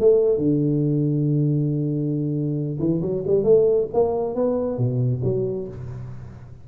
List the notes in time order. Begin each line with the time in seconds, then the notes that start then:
0.00 A3
0.38 D3
2.79 E3
3.02 F#3
3.27 G3
3.44 A3
3.94 A#3
4.36 B3
4.78 B2
5.24 F#3